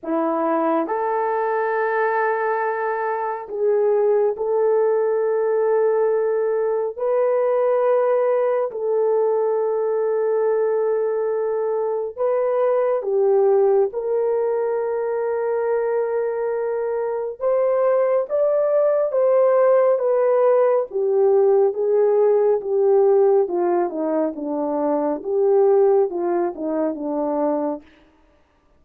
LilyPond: \new Staff \with { instrumentName = "horn" } { \time 4/4 \tempo 4 = 69 e'4 a'2. | gis'4 a'2. | b'2 a'2~ | a'2 b'4 g'4 |
ais'1 | c''4 d''4 c''4 b'4 | g'4 gis'4 g'4 f'8 dis'8 | d'4 g'4 f'8 dis'8 d'4 | }